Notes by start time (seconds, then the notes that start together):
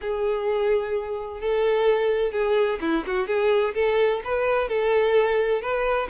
0.01 G#4
1.40 A4
2.32 G#4
2.81 E4
3.06 F#4
3.27 G#4
3.74 A4
4.24 B4
4.68 A4
5.61 B4